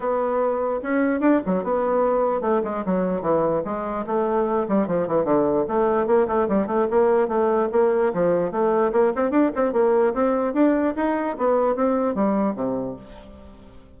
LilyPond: \new Staff \with { instrumentName = "bassoon" } { \time 4/4 \tempo 4 = 148 b2 cis'4 d'8 fis8 | b2 a8 gis8 fis4 | e4 gis4 a4. g8 | f8 e8 d4 a4 ais8 a8 |
g8 a8 ais4 a4 ais4 | f4 a4 ais8 c'8 d'8 c'8 | ais4 c'4 d'4 dis'4 | b4 c'4 g4 c4 | }